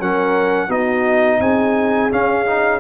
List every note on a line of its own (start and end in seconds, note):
0.00 0.69 F#3
0.00 0.70 C#4
0.00 0.67 A#4
0.00 0.71 F#5
0.67 1.40 B3
0.67 2.11 D#4
0.67 1.38 F#4
0.67 1.41 D#5
1.40 2.11 C4
1.40 2.80 G#4
1.40 2.11 G#5
2.11 2.46 C#4
2.11 2.80 C#4
2.11 2.80 F5
2.46 2.80 D#4